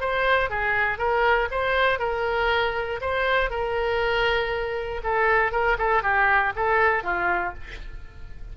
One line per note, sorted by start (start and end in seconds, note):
0.00 0.50 C5
0.50 0.98 G#4
0.98 1.49 A#4
1.51 1.99 C5
1.99 3.00 A#4
3.01 3.50 C5
3.50 5.01 A#4
5.03 5.52 A4
5.52 5.77 A#4
5.78 6.03 A4
6.03 6.53 G4
6.56 7.03 A4
7.03 7.54 F4